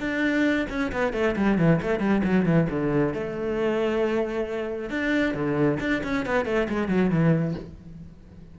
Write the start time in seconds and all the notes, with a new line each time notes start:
0.00 D4
0.70 C#4
0.92 B3
1.13 A3
1.36 G3
1.58 E3
1.82 A3
2.00 G3
2.24 F#3
2.46 E3
2.70 D3
3.14 A3
4.90 D4
5.34 D3
5.80 D4
6.04 C#4
6.26 B3
6.46 A3
6.69 G#3
6.88 F#3
7.11 E3